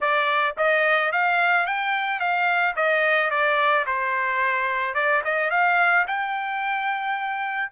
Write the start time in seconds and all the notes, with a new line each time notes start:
0.01 D5
0.57 D#5
1.12 F5
1.66 G5
2.19 F5
2.75 D#5
3.30 D5
3.86 C5
4.94 D5
5.24 D#5
5.50 F5
6.07 G5